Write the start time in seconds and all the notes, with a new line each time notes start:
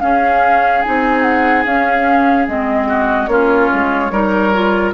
0.00 C#4 G#4 F5
0.82 C4 D#4 G#5
1.22 F#5
1.66 C#4 F5
2.48 G#3 C4 D#5
2.89 F#4
3.28 A#3 C#4 F4 C#5
3.74 G#3
4.11 G3 D#4 A#4
4.54 F4